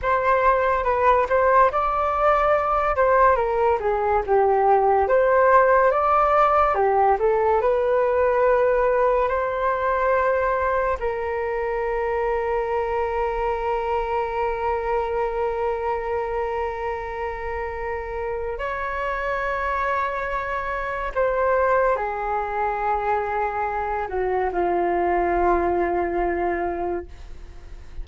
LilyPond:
\new Staff \with { instrumentName = "flute" } { \time 4/4 \tempo 4 = 71 c''4 b'8 c''8 d''4. c''8 | ais'8 gis'8 g'4 c''4 d''4 | g'8 a'8 b'2 c''4~ | c''4 ais'2.~ |
ais'1~ | ais'2 cis''2~ | cis''4 c''4 gis'2~ | gis'8 fis'8 f'2. | }